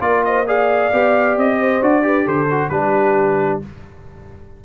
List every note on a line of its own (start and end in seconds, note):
0.00 0.90 A#3
0.00 0.46 F4
0.00 0.23 A#4
0.00 0.24 D5
0.25 0.47 C5
0.25 0.48 D#5
0.47 0.92 G#4
0.47 1.60 D5
0.47 1.39 F5
0.93 1.38 B3
0.93 1.82 G4
1.38 1.82 C4
1.38 1.83 D#5
1.60 2.05 C5
1.82 2.27 D4
1.82 2.03 F#4
1.82 2.28 D5
2.03 2.48 G4
2.03 2.25 B4
2.25 2.71 D3
2.25 2.70 A4
2.25 2.70 C5
2.51 2.72 F#4
2.70 3.61 G3
2.70 3.62 D4
2.70 3.65 G4
2.70 3.60 B4